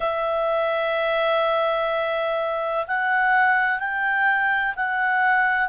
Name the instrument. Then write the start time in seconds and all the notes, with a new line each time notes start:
clarinet
0.00 E5
2.87 F#5
3.79 G5
4.76 F#5